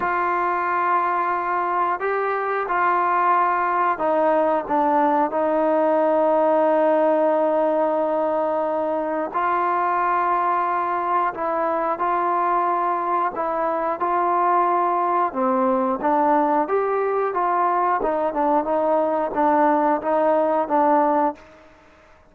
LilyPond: \new Staff \with { instrumentName = "trombone" } { \time 4/4 \tempo 4 = 90 f'2. g'4 | f'2 dis'4 d'4 | dis'1~ | dis'2 f'2~ |
f'4 e'4 f'2 | e'4 f'2 c'4 | d'4 g'4 f'4 dis'8 d'8 | dis'4 d'4 dis'4 d'4 | }